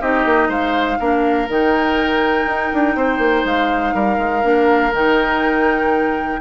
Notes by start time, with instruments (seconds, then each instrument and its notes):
0.00 bassoon C4, clarinet D#4, oboe G4, flute D#5
0.24 bassoon A#3
0.48 bassoon G#3, oboe C5, flute F5
0.99 bassoon A#3, clarinet D4, oboe A#4
1.48 bassoon D#3, clarinet D#4, flute G5
2.45 bassoon D#4
2.73 bassoon D4
2.95 bassoon C4, oboe C5
3.18 bassoon A#3
3.44 bassoon G#3, flute F5
3.94 bassoon G3, oboe A#4
4.18 bassoon G#3
4.43 bassoon A#3, clarinet D4
4.92 bassoon D#3, clarinet D#4, flute G5